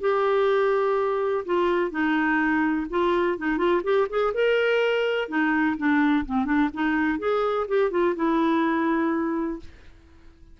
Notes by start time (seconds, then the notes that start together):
0.00 G4
1.45 F4
1.90 D#4
2.89 F4
3.37 D#4
3.57 F4
3.83 G4
4.09 G#4
4.34 A#4
5.28 D#4
5.77 D4
6.25 C4
6.45 D4
6.73 D#4
7.18 G#4
7.68 G4
7.91 F4
8.15 E4